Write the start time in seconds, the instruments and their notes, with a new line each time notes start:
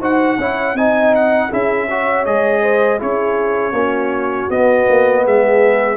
0.00 tuba D#4, trombone F#4, horn C5, trumpet F#5
0.38 tuba C#4, trombone E4, horn C#5
0.75 tuba C4, trombone D#4, horn D#5, trumpet G#5
1.15 trumpet F#5
1.50 tuba C#4, trombone E4, horn G#4, trumpet E5
1.90 trombone F#4, horn C#5
2.26 tuba G#3, trombone G#4, trumpet D#5
2.62 horn C5
2.99 tuba C#4, trombone E4, horn G#4, trumpet C#5
3.72 tuba A#3, trombone C#4, horn F#4
4.50 tuba B3, trombone B3, trumpet D#5
4.90 tuba A#3
5.24 tuba G#3, horn G#4, trumpet E5